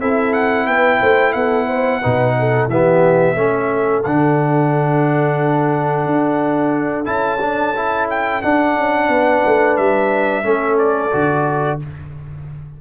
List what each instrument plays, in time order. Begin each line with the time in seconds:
0.00 tuba C4, trombone E4, horn A4, trumpet E5
0.34 trumpet F#5
0.67 tuba B3, horn B4, trumpet G5
1.00 tuba A3, horn C5
1.33 tuba B3, horn A4, trumpet F#5
1.67 horn C5
2.01 tuba B2, trombone D#4, horn B4
2.39 horn A4
2.67 tuba E3, trombone B3, horn G4, trumpet E5
3.36 tuba A3, trombone C#4, horn A4
4.04 tuba D3, trombone D4, trumpet F#5
6.06 tuba D4
7.05 tuba C#4, trombone E4, trumpet A5
7.41 trombone D4
7.76 trombone E4
8.10 trumpet G5
8.42 trombone D4, tuba D4, trumpet F#5
8.77 tuba C#4
9.09 tuba B3, horn B4
9.46 tuba A3
9.77 tuba G3, trumpet E5
10.44 tuba A3, trombone C#4, horn A4
10.79 trumpet D5
11.12 tuba D3, trombone F#4